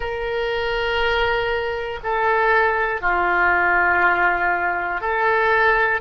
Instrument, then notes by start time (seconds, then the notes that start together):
oboe
0.00 A#4
2.03 A4
3.00 F4
5.00 A4